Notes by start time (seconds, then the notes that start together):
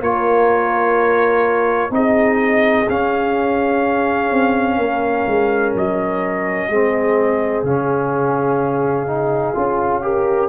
0.00 A#3 F4 A#4 C#5
1.90 C4 D#4 G#4 D#5
2.88 C#4 F5
4.31 C4
4.77 A#3 A#4
5.27 G#3
5.75 F#3 D#5
6.68 G#3 C4 G#4
7.63 C#3 C#4 F5
9.07 D#4
9.54 C#4 F4
10.02 G4 A#4